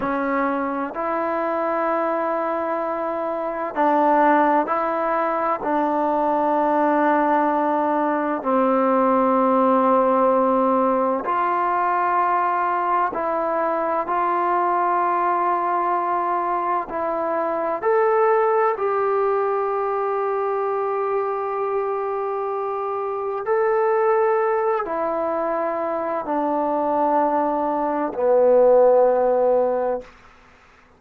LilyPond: \new Staff \with { instrumentName = "trombone" } { \time 4/4 \tempo 4 = 64 cis'4 e'2. | d'4 e'4 d'2~ | d'4 c'2. | f'2 e'4 f'4~ |
f'2 e'4 a'4 | g'1~ | g'4 a'4. e'4. | d'2 b2 | }